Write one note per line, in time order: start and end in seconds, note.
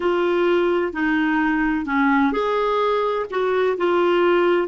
0.00 0.92 F4
0.92 1.85 D#4
1.85 2.32 C#4
2.32 3.26 G#4
3.30 3.77 F#4
3.77 4.67 F4